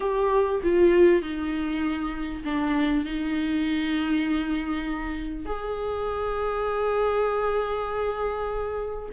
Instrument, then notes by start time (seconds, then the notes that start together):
viola
0.00 G4
0.63 F4
1.21 D#4
2.44 D4
3.04 D#4
5.45 G#4